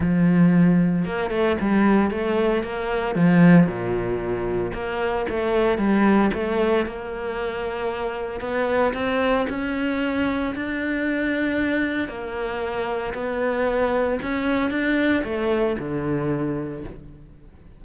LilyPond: \new Staff \with { instrumentName = "cello" } { \time 4/4 \tempo 4 = 114 f2 ais8 a8 g4 | a4 ais4 f4 ais,4~ | ais,4 ais4 a4 g4 | a4 ais2. |
b4 c'4 cis'2 | d'2. ais4~ | ais4 b2 cis'4 | d'4 a4 d2 | }